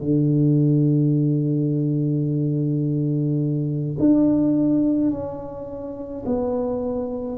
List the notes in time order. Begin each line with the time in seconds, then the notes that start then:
0.00 D3
3.99 D4
5.10 C#4
6.25 B3